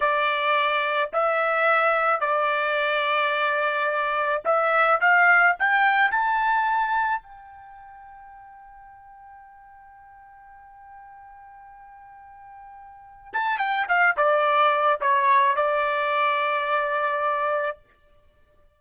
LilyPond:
\new Staff \with { instrumentName = "trumpet" } { \time 4/4 \tempo 4 = 108 d''2 e''2 | d''1 | e''4 f''4 g''4 a''4~ | a''4 g''2.~ |
g''1~ | g''1 | a''8 g''8 f''8 d''4. cis''4 | d''1 | }